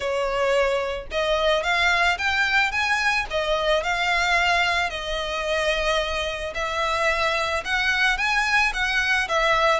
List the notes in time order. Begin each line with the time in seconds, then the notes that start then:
0.00 C#5
1.11 D#5
1.63 F5
2.18 G5
2.71 G#5
3.30 D#5
3.83 F5
4.90 D#5
6.54 E5
7.64 F#5
8.17 G#5
8.73 F#5
9.28 E5